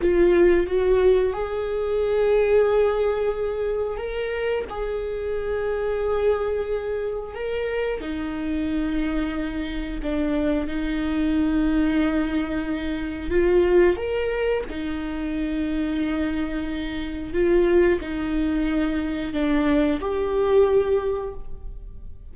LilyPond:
\new Staff \with { instrumentName = "viola" } { \time 4/4 \tempo 4 = 90 f'4 fis'4 gis'2~ | gis'2 ais'4 gis'4~ | gis'2. ais'4 | dis'2. d'4 |
dis'1 | f'4 ais'4 dis'2~ | dis'2 f'4 dis'4~ | dis'4 d'4 g'2 | }